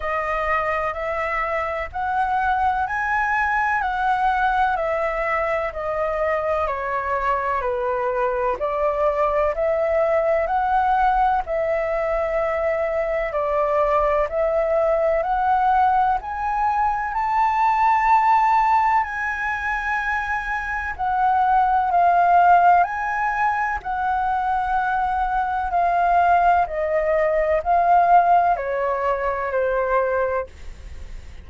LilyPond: \new Staff \with { instrumentName = "flute" } { \time 4/4 \tempo 4 = 63 dis''4 e''4 fis''4 gis''4 | fis''4 e''4 dis''4 cis''4 | b'4 d''4 e''4 fis''4 | e''2 d''4 e''4 |
fis''4 gis''4 a''2 | gis''2 fis''4 f''4 | gis''4 fis''2 f''4 | dis''4 f''4 cis''4 c''4 | }